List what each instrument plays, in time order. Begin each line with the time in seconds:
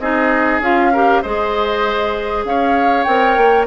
0.00 bassoon C4, clarinet D#4, oboe G#4, flute D#5
0.60 bassoon C#4, clarinet F4, flute F5
0.93 clarinet G4, oboe A#4
1.23 bassoon G#3, clarinet G#4, oboe C5, flute D#5
2.45 bassoon C#4, oboe C#5, flute F5
3.04 bassoon C4, clarinet A#4, flute G5
3.38 bassoon A#3